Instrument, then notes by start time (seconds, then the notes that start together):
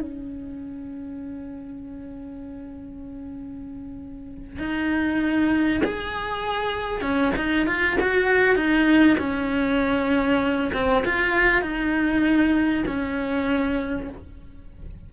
cello
0.00 C#4
4.58 D#4
5.84 G#4
7.01 C#4
7.36 D#4
7.66 F4
8.00 F#4
8.55 D#4
9.18 C#4
10.73 C4
11.05 F4
11.61 D#4
12.86 C#4